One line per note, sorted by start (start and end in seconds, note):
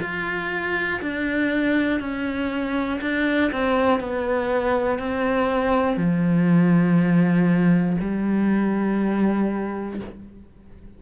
0.00 1.00 F4
1.01 2.00 D4
2.00 3.00 C#4
3.00 3.50 D4
3.52 4.00 C4
4.00 4.99 B3
4.99 5.96 C4
5.96 7.96 F3
8.00 10.00 G3